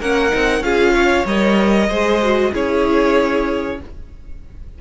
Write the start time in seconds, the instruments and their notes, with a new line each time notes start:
0.00 cello A#3, viola C#4, violin A#4 F#5
0.30 cello C4, viola D#4
0.61 cello C#4, viola F4, violin G#4 F5
0.94 violin C#5
1.26 cello G3, viola A#4, violin D#5
1.89 cello G#3, viola G#4, violin C5
2.22 viola F#4
2.52 cello C#4, viola E4, violin G#4 C#5